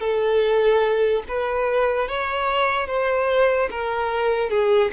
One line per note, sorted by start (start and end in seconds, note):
0.00 1.23 A4
1.29 2.09 B4
2.09 2.87 C#5
2.87 3.69 C5
3.71 4.50 A#4
4.50 4.91 G#4